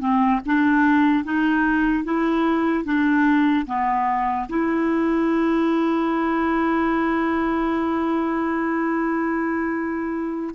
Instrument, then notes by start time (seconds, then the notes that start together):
clarinet
0.00 C4
0.46 D4
1.25 D#4
2.05 E4
2.85 D4
3.66 B3
4.49 E4